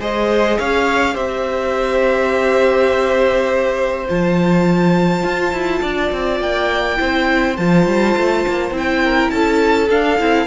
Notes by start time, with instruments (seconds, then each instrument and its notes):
0.00 cello G#3, viola G#4, violin C5 D#5
0.59 cello C#4, violin C#5 F5
1.14 cello C4, viola G4, violin C5 E5
4.08 cello F3, viola F4, violin A5
5.24 cello F4
5.52 cello E4
5.82 cello D4, violin D5
6.12 cello C4
6.40 cello A#3, violin G5
6.97 cello C4, viola E4, violin C5
7.57 cello F3, viola F4, violin A5
7.86 cello G3
8.17 cello A3
8.47 cello A#3
8.71 cello C4, viola E4
8.78 violin G5
9.04 violin A#4
9.30 cello C#4, violin A4 A5
9.90 viola D4, cello D4, violin F5
10.19 cello C4, viola E4